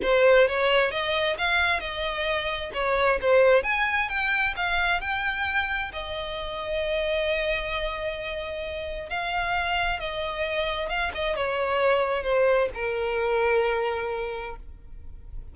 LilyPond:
\new Staff \with { instrumentName = "violin" } { \time 4/4 \tempo 4 = 132 c''4 cis''4 dis''4 f''4 | dis''2 cis''4 c''4 | gis''4 g''4 f''4 g''4~ | g''4 dis''2.~ |
dis''1 | f''2 dis''2 | f''8 dis''8 cis''2 c''4 | ais'1 | }